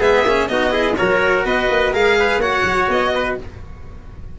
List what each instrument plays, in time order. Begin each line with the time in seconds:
0.00 tuba G#3, cello B3, trumpet G#4, violin E5
0.23 tuba A#3, cello C#4
0.48 tuba B3, cello D#4, trumpet F#4, violin D#5
0.70 cello E4, trumpet G#4
0.97 tuba F#3, cello F#4, trumpet A#4, violin C#5
1.45 tuba B3, trumpet B4, violin D#5
1.70 tuba A#3
1.93 tuba G#3, cello G#4, trumpet A#4, violin F5
2.19 trumpet B4
2.38 tuba A#3, cello F#4, trumpet C#5, violin F#5
2.64 tuba F#3
2.89 tuba B3, violin D#5
3.15 trumpet B4